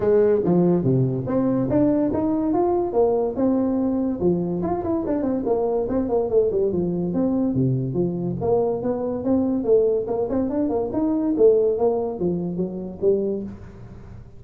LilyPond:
\new Staff \with { instrumentName = "tuba" } { \time 4/4 \tempo 4 = 143 gis4 f4 c4 c'4 | d'4 dis'4 f'4 ais4 | c'2 f4 f'8 e'8 | d'8 c'8 ais4 c'8 ais8 a8 g8 |
f4 c'4 c4 f4 | ais4 b4 c'4 a4 | ais8 c'8 d'8 ais8 dis'4 a4 | ais4 f4 fis4 g4 | }